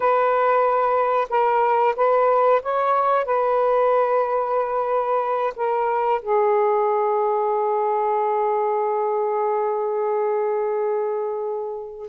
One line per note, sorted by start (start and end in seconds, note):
0.00 1.27 B4
1.29 1.94 A#4
1.96 2.61 B4
2.62 3.25 C#5
3.25 5.53 B4
5.56 6.21 A#4
6.21 12.08 G#4